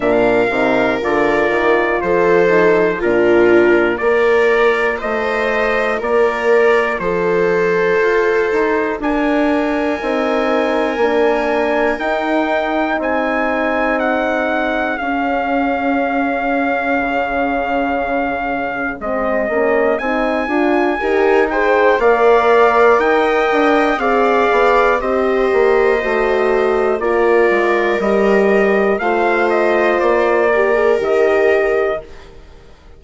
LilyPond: <<
  \new Staff \with { instrumentName = "trumpet" } { \time 4/4 \tempo 4 = 60 f''4 d''4 c''4 ais'4 | d''4 dis''4 d''4 c''4~ | c''4 gis''2. | g''4 gis''4 fis''4 f''4~ |
f''2. dis''4 | gis''4. g''8 f''4 g''4 | f''4 dis''2 d''4 | dis''4 f''8 dis''8 d''4 dis''4 | }
  \new Staff \with { instrumentName = "viola" } { \time 4/4 ais'2 a'4 f'4 | ais'4 c''4 ais'4 a'4~ | a'4 ais'2.~ | ais'4 gis'2.~ |
gis'1~ | gis'4 ais'8 c''8 d''4 dis''4 | d''4 c''2 ais'4~ | ais'4 c''4. ais'4. | }
  \new Staff \with { instrumentName = "horn" } { \time 4/4 d'8 dis'8 f'4. dis'8 d'4 | f'1~ | f'2 dis'4 d'4 | dis'2. cis'4~ |
cis'2. c'8 cis'8 | dis'8 f'8 g'8 gis'8 ais'2 | gis'4 g'4 fis'4 f'4 | g'4 f'4. g'16 gis'16 g'4 | }
  \new Staff \with { instrumentName = "bassoon" } { \time 4/4 ais,8 c8 d8 dis8 f4 ais,4 | ais4 a4 ais4 f4 | f'8 dis'8 d'4 c'4 ais4 | dis'4 c'2 cis'4~ |
cis'4 cis2 gis8 ais8 | c'8 d'8 dis'4 ais4 dis'8 d'8 | c'8 b8 c'8 ais8 a4 ais8 gis8 | g4 a4 ais4 dis4 | }
>>